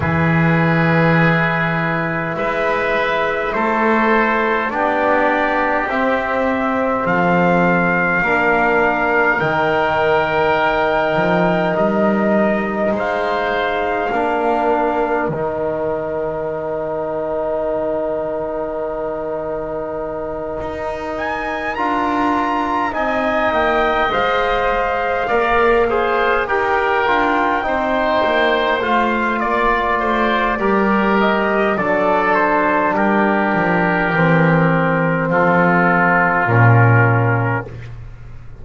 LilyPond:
<<
  \new Staff \with { instrumentName = "trumpet" } { \time 4/4 \tempo 4 = 51 b'2 e''4 c''4 | d''4 e''4 f''2 | g''2 dis''4 f''4~ | f''4 g''2.~ |
g''2 gis''8 ais''4 gis''8 | g''8 f''2 g''4.~ | g''8 f''8 d''4. dis''8 d''8 c''8 | ais'2 a'4 ais'4 | }
  \new Staff \with { instrumentName = "oboe" } { \time 4/4 gis'2 b'4 a'4 | g'2 a'4 ais'4~ | ais'2. c''4 | ais'1~ |
ais'2.~ ais'8 dis''8~ | dis''4. d''8 c''8 ais'4 c''8~ | c''4 d''8 c''8 ais'4 a'4 | g'2 f'2 | }
  \new Staff \with { instrumentName = "trombone" } { \time 4/4 e'1 | d'4 c'2 d'4 | dis'1 | d'4 dis'2.~ |
dis'2~ dis'8 f'4 dis'8~ | dis'8 c''4 ais'8 gis'8 g'8 f'8 dis'8~ | dis'8 f'4. g'4 d'4~ | d'4 c'2 cis'4 | }
  \new Staff \with { instrumentName = "double bass" } { \time 4/4 e2 gis4 a4 | b4 c'4 f4 ais4 | dis4. f8 g4 gis4 | ais4 dis2.~ |
dis4. dis'4 d'4 c'8 | ais8 gis4 ais4 dis'8 d'8 c'8 | ais8 a8 ais8 a8 g4 fis4 | g8 f8 e4 f4 ais,4 | }
>>